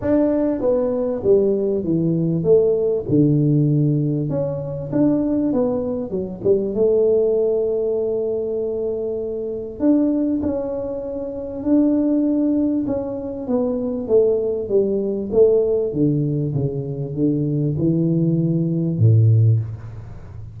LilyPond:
\new Staff \with { instrumentName = "tuba" } { \time 4/4 \tempo 4 = 98 d'4 b4 g4 e4 | a4 d2 cis'4 | d'4 b4 fis8 g8 a4~ | a1 |
d'4 cis'2 d'4~ | d'4 cis'4 b4 a4 | g4 a4 d4 cis4 | d4 e2 a,4 | }